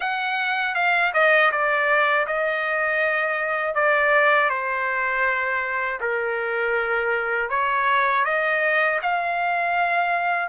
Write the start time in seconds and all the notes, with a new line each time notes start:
0.00 F#5
0.75 F5
1.13 D#5
1.51 D5
2.26 D#5
3.75 D5
4.49 C5
6.00 A#4
7.49 C#5
8.24 D#5
9.01 F5